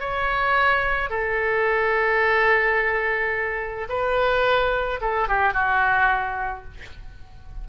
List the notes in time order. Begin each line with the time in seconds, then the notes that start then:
0.00 C#5
1.10 A4
3.89 B4
5.01 A4
5.29 G4
5.54 F#4